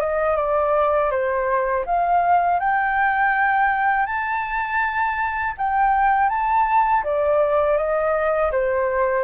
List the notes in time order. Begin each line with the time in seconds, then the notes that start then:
0.00 D#5
0.37 D5
1.11 C5
1.86 F5
2.60 G5
4.06 A5
5.58 G5
6.29 A5
7.03 D5
7.77 D#5
8.52 C5